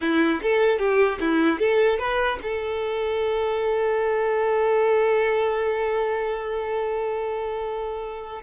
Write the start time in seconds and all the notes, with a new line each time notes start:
0.01 E4
0.42 A4
0.78 G4
1.20 E4
1.59 A4
1.99 B4
2.42 A4